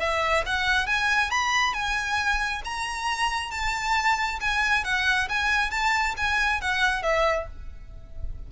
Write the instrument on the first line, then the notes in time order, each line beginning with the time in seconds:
violin
0.00 E5
0.46 F#5
0.87 G#5
1.31 B5
1.74 G#5
2.65 A#5
3.51 A5
4.41 G#5
4.84 F#5
5.29 G#5
5.71 A5
6.17 G#5
6.61 F#5
7.03 E5